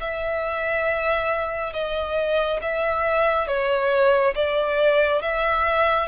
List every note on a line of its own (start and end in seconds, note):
0.00 1.73 E5
1.73 2.60 D#5
2.62 3.47 E5
3.47 4.34 C#5
4.35 5.21 D5
5.21 6.08 E5